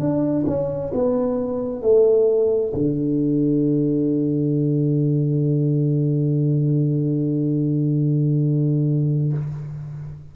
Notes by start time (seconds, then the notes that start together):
0.00 D4
0.47 C#4
0.94 B3
1.82 A3
2.74 D3